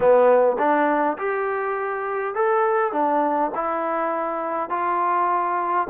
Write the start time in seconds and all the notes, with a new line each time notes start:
0.00 B3
0.58 D4
1.18 G4
2.34 A4
2.92 D4
3.55 E4
4.69 F4